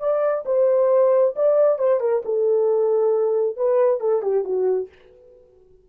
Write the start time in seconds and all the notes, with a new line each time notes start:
0.00 D5
0.46 C5
1.36 D5
1.79 C5
2.01 A#4
2.25 A4
3.57 B4
4.01 A4
4.22 G4
4.45 F#4